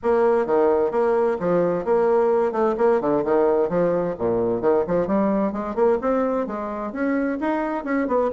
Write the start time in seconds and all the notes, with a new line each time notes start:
0.03 A#3
0.46 D#3
0.91 A#3
1.39 F3
1.84 A#3
2.52 A3
2.77 A#3
3.01 D3
3.24 D#3
3.69 F3
4.18 A#2
4.61 D#3
4.87 F3
5.07 G3
5.52 G#3
5.75 A#3
6.01 C4
6.46 G#3
6.92 C#4
7.40 D#4
7.84 C#4
8.07 B3